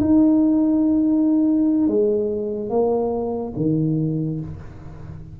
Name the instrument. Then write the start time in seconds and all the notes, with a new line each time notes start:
tuba
0.00 D#4
1.87 G#3
2.69 A#3
3.56 D#3